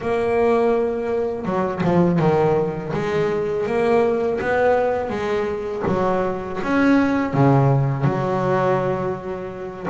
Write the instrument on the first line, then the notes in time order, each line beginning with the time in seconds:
double bass
0.00 A#3
1.45 F#3
1.83 F3
2.19 D#3
2.93 G#3
3.66 A#3
4.40 B3
5.09 G#3
5.87 F#3
6.63 C#4
7.33 C#3
8.04 F#3